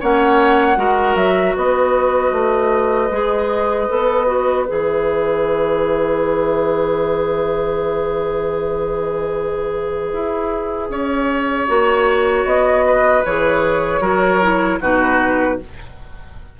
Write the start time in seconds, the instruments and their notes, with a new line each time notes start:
0.00 bassoon A#3, clarinet C#4, oboe C#5, flute F#5
0.76 bassoon G#3, clarinet F#4, oboe A#4
1.15 bassoon F#3, flute E5
1.55 bassoon B3, oboe B4, flute D#5
2.32 bassoon A3
3.11 bassoon G#3, clarinet G#4
3.88 bassoon B3, clarinet A4
4.26 clarinet F#4
4.65 bassoon E3, clarinet G#4, flute E5
10.13 bassoon E4
10.89 bassoon C#4, oboe C#5
11.68 bassoon A#3, clarinet F#4
12.45 bassoon B3, flute D#5
12.86 oboe B4
13.25 bassoon E3, clarinet G#4, flute C#5
14.00 bassoon F#3, clarinet F#4, oboe A#4
14.42 clarinet E4
14.81 bassoon B2, clarinet D#4, oboe F#4, flute B4